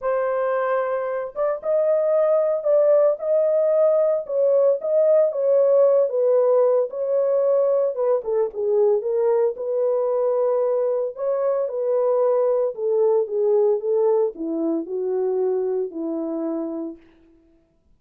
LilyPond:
\new Staff \with { instrumentName = "horn" } { \time 4/4 \tempo 4 = 113 c''2~ c''8 d''8 dis''4~ | dis''4 d''4 dis''2 | cis''4 dis''4 cis''4. b'8~ | b'4 cis''2 b'8 a'8 |
gis'4 ais'4 b'2~ | b'4 cis''4 b'2 | a'4 gis'4 a'4 e'4 | fis'2 e'2 | }